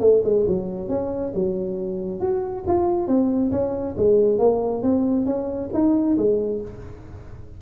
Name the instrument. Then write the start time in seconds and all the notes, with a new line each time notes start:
tuba
0.00 A3
0.24 G#3
0.47 F#3
0.89 C#4
1.34 F#3
2.21 F#4
2.67 F4
3.07 C4
3.51 C#4
3.97 G#3
4.39 A#3
4.83 C4
5.26 C#4
5.73 D#4
6.17 G#3